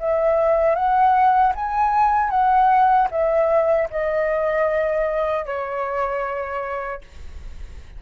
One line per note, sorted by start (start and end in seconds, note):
0.00 0.75 E5
0.75 1.53 F#5
1.55 2.31 G#5
2.31 3.09 F#5
3.11 3.89 E5
3.91 5.46 D#5
5.46 7.02 C#5